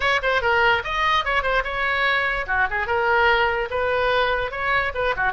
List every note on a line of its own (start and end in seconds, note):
0.00 0.20 C#5
0.22 0.41 C5
0.41 0.82 A#4
0.84 1.24 D#5
1.24 1.42 C#5
1.42 1.63 C5
1.63 2.46 C#5
2.47 2.67 F#4
2.70 2.86 G#4
2.86 3.69 A#4
3.70 4.51 B4
4.51 4.92 C#5
4.94 5.15 B4
5.16 5.32 F#4